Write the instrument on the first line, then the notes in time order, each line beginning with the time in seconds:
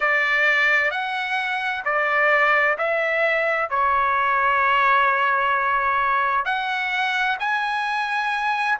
trumpet
0.00 D5
0.90 F#5
1.85 D5
2.77 E5
3.69 C#5
6.44 F#5
7.39 G#5